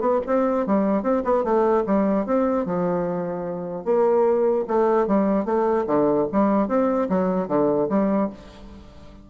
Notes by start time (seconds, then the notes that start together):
0.00 B3
0.26 C4
0.66 G3
1.03 C4
1.24 B3
1.44 A3
1.86 G3
2.26 C4
2.65 F3
3.85 A#3
4.67 A3
5.07 G3
5.45 A3
5.86 D3
6.31 G3
6.68 C4
7.09 F#3
7.48 D3
7.89 G3